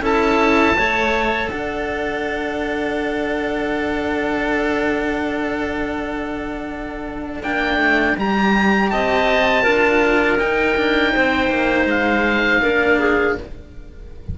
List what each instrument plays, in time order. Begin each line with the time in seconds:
0.00 cello C#4 E4, clarinet A4, oboe A5
0.75 cello A3 A4, clarinet C#5
1.50 cello D4, clarinet D5, oboe F#5
7.42 cello A#3 D4, oboe G5
7.77 cello A3
8.16 cello G3 G4, oboe A#5
8.90 cello C4, clarinet D#5, oboe A5
9.63 cello D4 F4, clarinet A#4
10.39 cello D#4, oboe G5
10.77 cello D4
11.13 cello C4, clarinet C5
11.50 cello A#3
11.85 cello G#3, oboe F5
12.62 cello A#3 D4, clarinet A#4
12.99 clarinet G#4